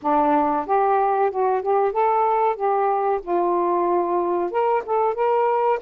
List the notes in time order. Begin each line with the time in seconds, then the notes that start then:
0.01 D4
0.66 G4
1.30 F#4
1.62 G4
1.92 A4
2.55 G4
3.21 F4
4.50 A#4
4.85 A4
5.14 A#4